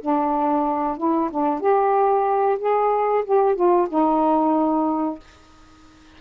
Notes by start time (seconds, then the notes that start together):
0.00 D4
0.97 E4
1.30 D4
1.60 G4
2.59 G#4
3.25 G4
3.55 F4
3.88 D#4